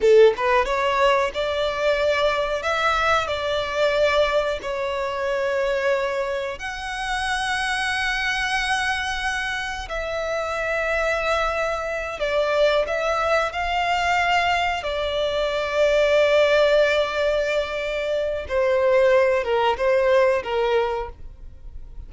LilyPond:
\new Staff \with { instrumentName = "violin" } { \time 4/4 \tempo 4 = 91 a'8 b'8 cis''4 d''2 | e''4 d''2 cis''4~ | cis''2 fis''2~ | fis''2. e''4~ |
e''2~ e''8 d''4 e''8~ | e''8 f''2 d''4.~ | d''1 | c''4. ais'8 c''4 ais'4 | }